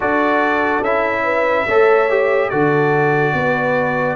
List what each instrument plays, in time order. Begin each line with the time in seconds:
0.00 tuba D4, trombone F#4, horn A4, trumpet D5
0.81 tuba C#4, trombone E4, trumpet E5
1.23 horn B4
1.66 tuba A3, trombone A4, horn C#5
2.09 trombone G4
2.49 tuba D3, trombone F#4, horn A4, trumpet D5
3.33 tuba B3, horn B4